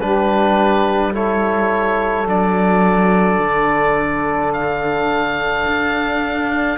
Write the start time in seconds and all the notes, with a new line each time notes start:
0.00 G3 D4 G4 B4
1.11 E4 A4 C#5
2.26 F#3 D4 D5
3.39 D3
4.53 F5
5.66 D4